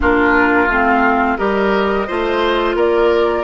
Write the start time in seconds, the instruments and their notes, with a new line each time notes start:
0.00 bassoon A#3, clarinet D4, oboe F4, flute A#4
0.68 bassoon A3, clarinet C4, flute F5
1.37 bassoon G3, clarinet G4, oboe A#4, flute D#5
2.07 bassoon A3, clarinet F4, oboe C5
2.75 bassoon A#3, oboe A#4, flute D5